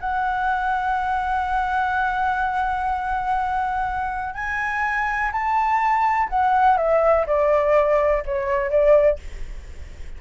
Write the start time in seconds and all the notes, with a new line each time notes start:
0.00 F#5
4.34 G#5
5.32 A5
6.29 F#5
6.77 E5
7.26 D5
8.25 C#5
8.70 D5